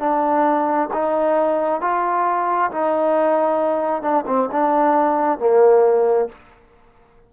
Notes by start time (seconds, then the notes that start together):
0.00 D4
0.94 D#4
1.81 F4
2.71 D#4
4.02 D4
4.27 C4
4.52 D4
5.39 A#3